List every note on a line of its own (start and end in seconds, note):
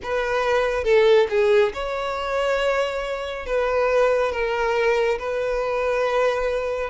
0.02 0.84 B4
0.84 1.27 A4
1.29 1.72 G#4
1.73 3.46 C#5
3.46 4.31 B4
4.31 5.18 A#4
5.18 6.89 B4